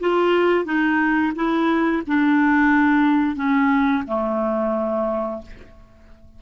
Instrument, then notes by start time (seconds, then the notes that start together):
clarinet
0.00 F4
0.65 D#4
1.35 E4
2.07 D4
3.36 C#4
4.07 A3